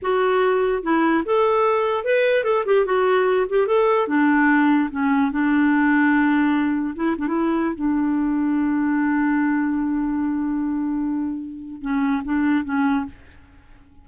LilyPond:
\new Staff \with { instrumentName = "clarinet" } { \time 4/4 \tempo 4 = 147 fis'2 e'4 a'4~ | a'4 b'4 a'8 g'8 fis'4~ | fis'8 g'8 a'4 d'2 | cis'4 d'2.~ |
d'4 e'8 d'16 e'4~ e'16 d'4~ | d'1~ | d'1~ | d'4 cis'4 d'4 cis'4 | }